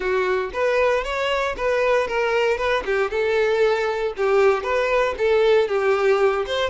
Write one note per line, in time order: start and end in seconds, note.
0.00 0.50 F#4
0.53 1.03 B4
1.03 1.55 C#5
1.56 2.07 B4
2.07 2.57 A#4
2.57 2.83 B4
2.85 3.10 G4
3.10 4.13 A4
4.16 4.63 G4
4.63 5.14 B4
5.18 5.68 A4
5.68 6.45 G4
6.46 6.69 C5